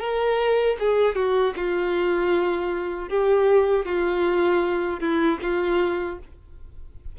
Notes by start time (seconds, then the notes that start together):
0.00 A#4
0.80 G#4
1.15 F#4
1.56 F4
3.09 G4
3.86 F4
5.00 E4
5.42 F4